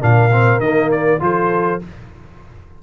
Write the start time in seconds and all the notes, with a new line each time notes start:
0.00 A#2 D4 A#4 F5
0.32 C4
0.59 D#3 A#3 D#5
0.91 D5
1.19 F3 F4 A4 C5